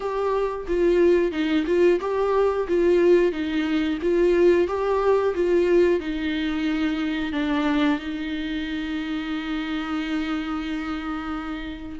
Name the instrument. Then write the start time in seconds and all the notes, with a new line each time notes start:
viola
0.00 G4
0.67 F4
1.31 D#4
1.66 F4
2.00 G4
2.68 F4
3.32 D#4
4.02 F4
4.67 G4
5.34 F4
6.00 D#4
7.32 D4
7.98 D#4